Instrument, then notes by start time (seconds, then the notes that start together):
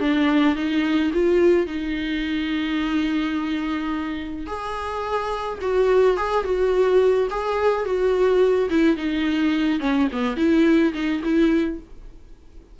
viola
0.00 D4
0.55 D#4
1.13 F4
1.67 D#4
4.47 G#4
5.61 F#4
6.17 G#4
6.44 F#4
7.30 G#4
7.85 F#4
8.70 E4
8.97 D#4
9.80 C#4
10.12 B3
10.37 E4
10.94 D#4
11.23 E4